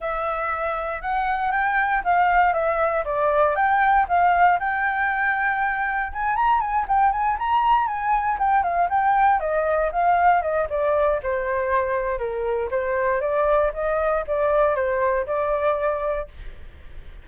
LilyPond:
\new Staff \with { instrumentName = "flute" } { \time 4/4 \tempo 4 = 118 e''2 fis''4 g''4 | f''4 e''4 d''4 g''4 | f''4 g''2. | gis''8 ais''8 gis''8 g''8 gis''8 ais''4 gis''8~ |
gis''8 g''8 f''8 g''4 dis''4 f''8~ | f''8 dis''8 d''4 c''2 | ais'4 c''4 d''4 dis''4 | d''4 c''4 d''2 | }